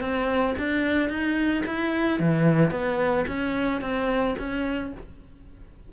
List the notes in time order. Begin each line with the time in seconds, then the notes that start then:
0.00 C4
0.58 D4
1.09 D#4
1.66 E4
2.20 E3
2.71 B3
3.28 C#4
3.81 C4
4.38 C#4